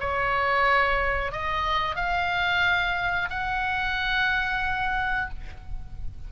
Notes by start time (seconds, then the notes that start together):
0.00 C#5
1.32 D#5
1.96 F5
3.30 F#5